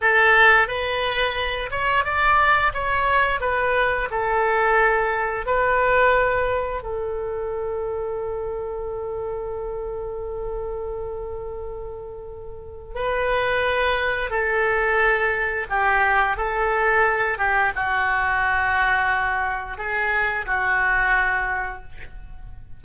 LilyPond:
\new Staff \with { instrumentName = "oboe" } { \time 4/4 \tempo 4 = 88 a'4 b'4. cis''8 d''4 | cis''4 b'4 a'2 | b'2 a'2~ | a'1~ |
a'2. b'4~ | b'4 a'2 g'4 | a'4. g'8 fis'2~ | fis'4 gis'4 fis'2 | }